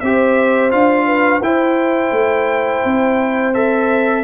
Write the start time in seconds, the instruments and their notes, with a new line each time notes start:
0.00 tuba C4, trombone G4, horn C5, trumpet E5
0.71 tuba D4, trombone F4, trumpet F5
1.06 horn B4
1.42 tuba E4, trombone E4, horn C5, trumpet G5
2.11 tuba A3
2.85 tuba C4
3.54 trombone A4, trumpet E5